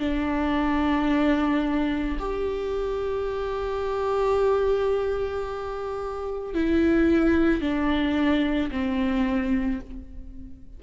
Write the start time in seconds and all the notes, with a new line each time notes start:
0.00 D4
2.19 G4
6.55 E4
7.62 D4
8.71 C4